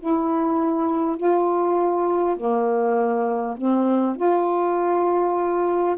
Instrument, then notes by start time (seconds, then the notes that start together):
saxophone
0.00 E4
1.18 F4
2.37 A#3
3.58 C4
4.17 F4